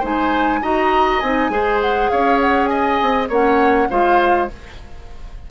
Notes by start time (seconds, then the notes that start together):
0.00 G#3 D#4 C5 G#5
0.62 D#4 F#4 D#5 A#5
1.20 C4 D#4 G#5
1.50 G#3 G#4 C5
1.82 F#5
2.10 C#4 C#5 F5
2.41 F#5
2.66 D#5 G#5
3.02 C4
3.29 A#3 C#4 C#5 F#5
3.89 G#3 F4 C5 F5